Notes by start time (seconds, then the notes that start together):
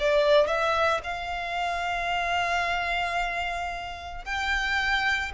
0.00 D5
0.47 E5
1.04 F5
4.25 G5